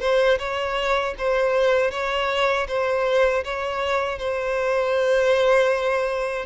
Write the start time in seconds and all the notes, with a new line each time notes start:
0.00 C5
0.38 C#5
1.18 C5
1.91 C#5
2.68 C5
3.44 C#5
4.18 C5